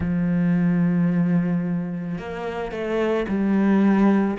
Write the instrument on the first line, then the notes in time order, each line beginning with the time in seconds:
cello
0.00 F3
2.18 A#3
2.71 A3
3.28 G3